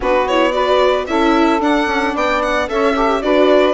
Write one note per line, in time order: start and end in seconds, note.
0.00 1.07 B3
0.00 0.27 D4
0.00 0.51 F#4
0.00 0.28 B4
0.28 0.52 E4
0.28 0.51 C#5
0.51 1.06 F#4
0.51 1.08 B4
0.51 1.05 D5
1.06 1.60 C#4
1.06 1.60 E4
1.06 2.14 A4
1.06 1.60 E5
1.60 1.86 D4
1.60 2.67 D4
1.60 2.15 F#5
1.86 2.13 C#4
2.14 2.69 B3
2.14 2.68 D5
2.14 2.42 G5
2.42 2.69 F#5
2.67 3.23 C#4
2.67 2.94 A4
2.67 2.94 C#5
2.67 3.22 E5
2.94 3.23 G4
2.94 3.21 A4
3.22 3.73 D4
3.22 3.73 F#4
3.22 3.73 B4
3.22 3.73 D5